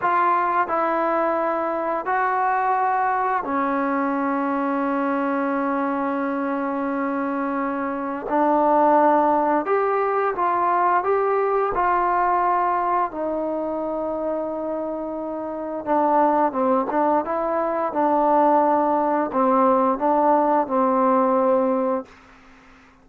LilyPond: \new Staff \with { instrumentName = "trombone" } { \time 4/4 \tempo 4 = 87 f'4 e'2 fis'4~ | fis'4 cis'2.~ | cis'1 | d'2 g'4 f'4 |
g'4 f'2 dis'4~ | dis'2. d'4 | c'8 d'8 e'4 d'2 | c'4 d'4 c'2 | }